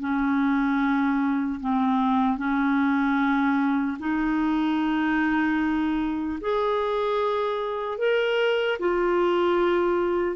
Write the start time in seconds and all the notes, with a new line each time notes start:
0.00 C#4
1.61 C4
2.38 C#4
3.99 D#4
6.41 G#4
7.98 A#4
8.79 F4